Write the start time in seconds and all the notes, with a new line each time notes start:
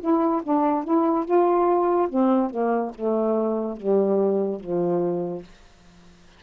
0.00 E4
0.43 D4
0.84 E4
1.25 F4
2.09 C4
2.50 A#3
2.95 A3
3.77 G3
4.60 F3